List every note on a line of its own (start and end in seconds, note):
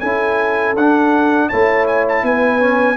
0.00 0.75 C#4
0.00 0.75 E4
0.00 1.49 A4
0.00 0.74 G#5
0.75 1.49 D4
0.75 1.52 D4
0.75 1.49 F#5
1.49 2.23 A3
1.49 2.59 E4
1.49 2.23 C#5
1.49 1.86 A5
1.87 2.05 G#5
2.08 2.25 A5
2.23 2.96 B3
2.23 2.96 B4
2.23 2.96 G#5
2.59 2.96 C#4